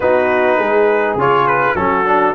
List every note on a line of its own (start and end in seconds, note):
0.00 0.57 B3
0.00 1.18 D#4
0.00 0.58 F#4
0.00 1.17 B4
0.57 1.14 G#3
0.57 1.76 G#4
1.14 1.73 C#3
1.14 1.76 F4
1.14 1.47 C#5
1.47 1.75 B4
1.74 2.33 F#3
1.74 2.05 C#4
1.74 2.35 F#4
1.74 2.34 A4
2.05 2.34 D4